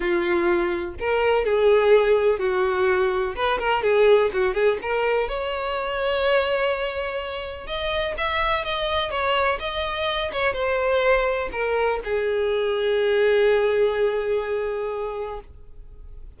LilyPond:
\new Staff \with { instrumentName = "violin" } { \time 4/4 \tempo 4 = 125 f'2 ais'4 gis'4~ | gis'4 fis'2 b'8 ais'8 | gis'4 fis'8 gis'8 ais'4 cis''4~ | cis''1 |
dis''4 e''4 dis''4 cis''4 | dis''4. cis''8 c''2 | ais'4 gis'2.~ | gis'1 | }